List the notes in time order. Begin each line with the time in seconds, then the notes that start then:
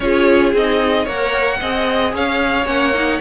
0.00 C#4 F4 G#4 C#5
0.53 C4 D#4 D#5
1.03 A#3 A#4 C#5 F#5
1.60 C4 G#4 D#5
2.13 C#4 C#5 F5
2.65 A#3 C#4 F#5
2.93 D#4